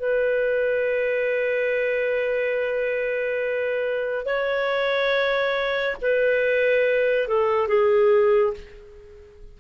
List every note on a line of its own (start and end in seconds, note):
0.00 4.26 B4
4.26 5.97 C#5
6.02 7.28 B4
7.28 7.68 A4
7.68 8.54 G#4